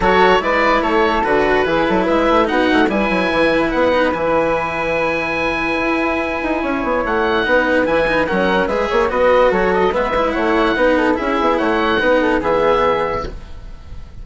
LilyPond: <<
  \new Staff \with { instrumentName = "oboe" } { \time 4/4 \tempo 4 = 145 cis''4 d''4 cis''4 b'4~ | b'4 e''4 fis''4 gis''4~ | gis''4 fis''4 gis''2~ | gis''1~ |
gis''4 fis''2 gis''4 | fis''4 e''4 dis''4 cis''8 dis''8 | e''4 fis''2 e''4 | fis''2 e''2 | }
  \new Staff \with { instrumentName = "flute" } { \time 4/4 a'4 b'4 a'2 | gis'8 a'8 b'4 fis'4 b'4~ | b'1~ | b'1 |
cis''2 b'2 | ais'4 b'8 cis''8 b'4 a'4 | b'4 cis''4 b'8 a'8 gis'4 | cis''4 b'8 a'8 gis'2 | }
  \new Staff \with { instrumentName = "cello" } { \time 4/4 fis'4 e'2 fis'4 | e'2 dis'4 e'4~ | e'4. dis'8 e'2~ | e'1~ |
e'2 dis'4 e'8 dis'8 | cis'4 gis'4 fis'2 | b8 e'4. dis'4 e'4~ | e'4 dis'4 b2 | }
  \new Staff \with { instrumentName = "bassoon" } { \time 4/4 fis4 gis4 a4 d4 | e8 fis8 gis8 a8 b8 a8 g8 fis8 | e4 b4 e2~ | e2 e'4. dis'8 |
cis'8 b8 a4 b4 e4 | fis4 gis8 ais8 b4 fis4 | gis4 a4 b4 cis'8 b8 | a4 b4 e2 | }
>>